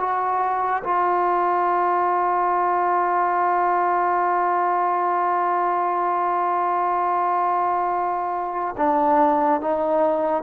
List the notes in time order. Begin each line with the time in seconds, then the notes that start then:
0.00 F#4
0.84 F4
8.78 D4
9.61 D#4